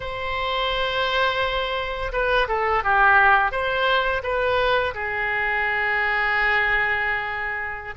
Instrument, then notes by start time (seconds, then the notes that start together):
oboe
0.00 C5
2.12 B4
2.48 A4
2.83 G4
3.51 C5
4.23 B4
4.94 G#4